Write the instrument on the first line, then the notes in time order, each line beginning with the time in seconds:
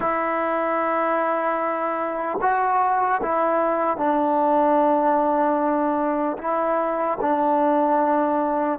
trombone
0.00 E4
2.41 F#4
3.22 E4
3.97 D4
6.37 E4
7.20 D4